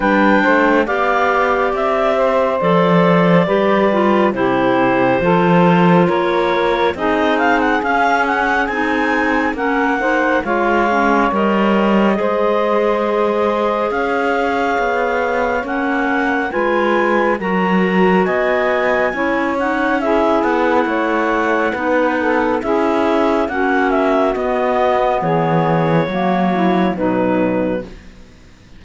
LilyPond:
<<
  \new Staff \with { instrumentName = "clarinet" } { \time 4/4 \tempo 4 = 69 g''4 f''4 e''4 d''4~ | d''4 c''2 cis''4 | dis''8 f''16 fis''16 f''8 fis''8 gis''4 fis''4 | f''4 dis''2. |
f''2 fis''4 gis''4 | ais''4 gis''4. fis''8 e''8 fis''8~ | fis''2 e''4 fis''8 e''8 | dis''4 cis''2 b'4 | }
  \new Staff \with { instrumentName = "saxophone" } { \time 4/4 b'8 c''8 d''4. c''4. | b'4 g'4 a'4 ais'4 | gis'2. ais'8 c''8 | cis''2 c''2 |
cis''2. b'4 | ais'4 dis''4 cis''4 gis'4 | cis''4 b'8 a'8 gis'4 fis'4~ | fis'4 gis'4 fis'8 e'8 dis'4 | }
  \new Staff \with { instrumentName = "clarinet" } { \time 4/4 d'4 g'2 a'4 | g'8 f'8 e'4 f'2 | dis'4 cis'4 dis'4 cis'8 dis'8 | f'8 cis'8 ais'4 gis'2~ |
gis'2 cis'4 f'4 | fis'2 e'8 dis'8 e'4~ | e'4 dis'4 e'4 cis'4 | b2 ais4 fis4 | }
  \new Staff \with { instrumentName = "cello" } { \time 4/4 g8 a8 b4 c'4 f4 | g4 c4 f4 ais4 | c'4 cis'4 c'4 ais4 | gis4 g4 gis2 |
cis'4 b4 ais4 gis4 | fis4 b4 cis'4. b8 | a4 b4 cis'4 ais4 | b4 e4 fis4 b,4 | }
>>